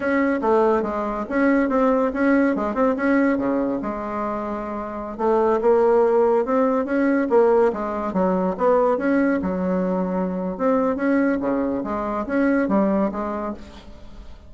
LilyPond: \new Staff \with { instrumentName = "bassoon" } { \time 4/4 \tempo 4 = 142 cis'4 a4 gis4 cis'4 | c'4 cis'4 gis8 c'8 cis'4 | cis4 gis2.~ | gis16 a4 ais2 c'8.~ |
c'16 cis'4 ais4 gis4 fis8.~ | fis16 b4 cis'4 fis4.~ fis16~ | fis4 c'4 cis'4 cis4 | gis4 cis'4 g4 gis4 | }